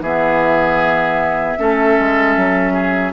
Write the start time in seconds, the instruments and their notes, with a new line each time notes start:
0.00 bassoon E3, clarinet B3, oboe G#4, flute E5
1.58 bassoon A3, clarinet C#4, oboe A4
1.99 bassoon G#3
2.37 bassoon F#3
2.73 oboe G#4